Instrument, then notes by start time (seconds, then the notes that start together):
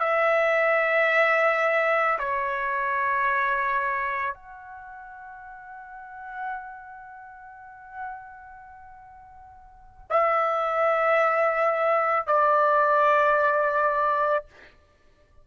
trumpet
0.00 E5
2.19 C#5
4.34 F#5
10.10 E5
12.27 D5